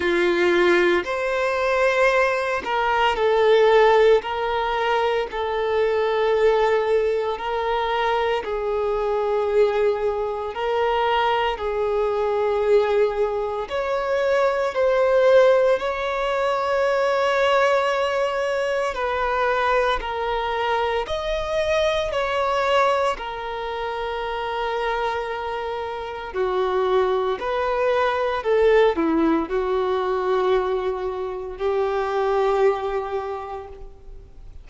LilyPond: \new Staff \with { instrumentName = "violin" } { \time 4/4 \tempo 4 = 57 f'4 c''4. ais'8 a'4 | ais'4 a'2 ais'4 | gis'2 ais'4 gis'4~ | gis'4 cis''4 c''4 cis''4~ |
cis''2 b'4 ais'4 | dis''4 cis''4 ais'2~ | ais'4 fis'4 b'4 a'8 e'8 | fis'2 g'2 | }